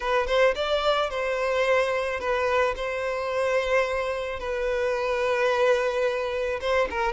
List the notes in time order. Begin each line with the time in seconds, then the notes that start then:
0.00 B4
0.27 C5
0.55 D5
1.10 C5
2.19 B4
2.75 C5
4.39 B4
6.60 C5
6.90 A#4